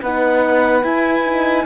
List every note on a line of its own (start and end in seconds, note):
0.00 0.83 B3
0.00 0.82 D#4
0.00 1.64 B4
0.00 0.84 F#5
0.82 1.23 E4
0.82 1.65 E4
0.82 1.65 G#5
1.25 1.65 D#4